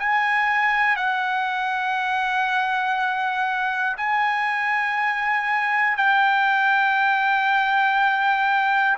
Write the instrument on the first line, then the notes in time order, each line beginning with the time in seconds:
trumpet
0.00 G#5
0.97 F#5
3.97 G#5
5.97 G5